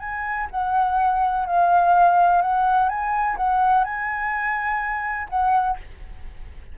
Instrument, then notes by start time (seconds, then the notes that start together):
flute
0.00 G#5
0.51 F#5
1.46 F5
2.42 F#5
2.89 G#5
3.37 F#5
3.84 G#5
5.30 F#5